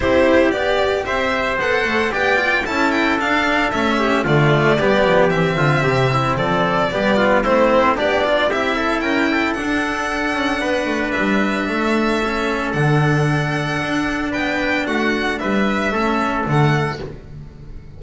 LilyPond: <<
  \new Staff \with { instrumentName = "violin" } { \time 4/4 \tempo 4 = 113 c''4 d''4 e''4 fis''4 | g''4 a''8 g''8 f''4 e''4 | d''2 e''2 | d''2 c''4 d''4 |
e''4 g''4 fis''2~ | fis''4 e''2. | fis''2. g''4 | fis''4 e''2 fis''4 | }
  \new Staff \with { instrumentName = "trumpet" } { \time 4/4 g'2 c''2 | d''4 a'2~ a'8 g'8 | f'4 g'4. f'8 g'8 e'8 | a'4 g'8 f'8 e'4 d'4 |
g'8 a'8 ais'8 a'2~ a'8 | b'2 a'2~ | a'2. b'4 | fis'4 b'4 a'2 | }
  \new Staff \with { instrumentName = "cello" } { \time 4/4 e'4 g'2 a'4 | g'8 f'8 e'4 d'4 cis'4 | a4 b4 c'2~ | c'4 b4 c'4 g'8 f'8 |
e'2 d'2~ | d'2. cis'4 | d'1~ | d'2 cis'4 a4 | }
  \new Staff \with { instrumentName = "double bass" } { \time 4/4 c'4 b4 c'4 b8 a8 | b4 cis'4 d'4 a4 | d4 g8 f8 e8 d8 c4 | f4 g4 a4 b4 |
c'4 cis'4 d'4. cis'8 | b8 a8 g4 a2 | d2 d'4 b4 | a4 g4 a4 d4 | }
>>